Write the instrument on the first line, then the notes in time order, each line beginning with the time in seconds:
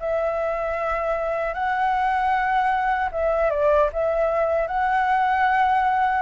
flute
0.00 E5
1.54 F#5
3.12 E5
3.51 D5
3.93 E5
4.68 F#5